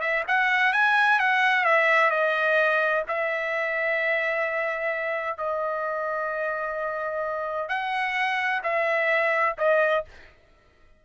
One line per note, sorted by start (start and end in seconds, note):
0.00 0.23 E5
0.27 0.72 F#5
0.72 1.19 G#5
1.19 1.64 F#5
1.64 2.10 E5
2.10 3.03 D#5
3.07 5.37 E5
5.37 7.68 D#5
7.68 8.61 F#5
8.63 9.56 E5
9.58 10.04 D#5